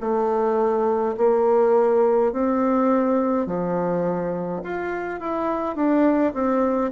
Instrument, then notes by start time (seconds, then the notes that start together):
bassoon
0.00 A3
1.17 A#3
2.32 C4
3.46 F3
4.63 F4
5.20 E4
5.75 D4
6.33 C4